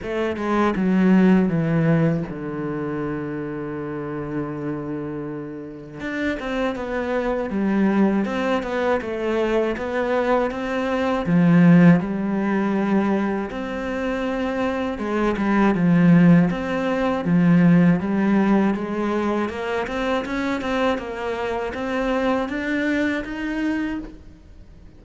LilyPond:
\new Staff \with { instrumentName = "cello" } { \time 4/4 \tempo 4 = 80 a8 gis8 fis4 e4 d4~ | d1 | d'8 c'8 b4 g4 c'8 b8 | a4 b4 c'4 f4 |
g2 c'2 | gis8 g8 f4 c'4 f4 | g4 gis4 ais8 c'8 cis'8 c'8 | ais4 c'4 d'4 dis'4 | }